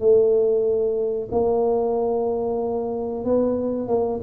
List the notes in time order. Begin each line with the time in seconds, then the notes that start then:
0.00 A3
1.32 A#3
3.25 B3
3.88 A#3